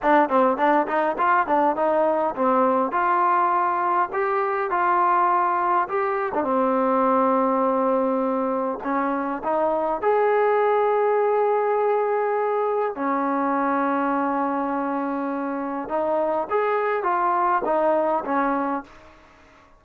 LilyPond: \new Staff \with { instrumentName = "trombone" } { \time 4/4 \tempo 4 = 102 d'8 c'8 d'8 dis'8 f'8 d'8 dis'4 | c'4 f'2 g'4 | f'2 g'8. d'16 c'4~ | c'2. cis'4 |
dis'4 gis'2.~ | gis'2 cis'2~ | cis'2. dis'4 | gis'4 f'4 dis'4 cis'4 | }